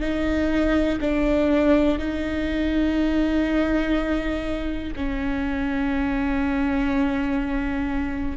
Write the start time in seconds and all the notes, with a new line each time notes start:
0.00 D#4
1.01 D4
1.98 D#4
4.95 C#4